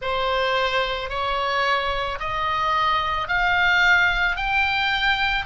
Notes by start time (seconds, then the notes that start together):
0.01 C5
1.09 C#5
2.19 D#5
3.28 F5
4.36 G5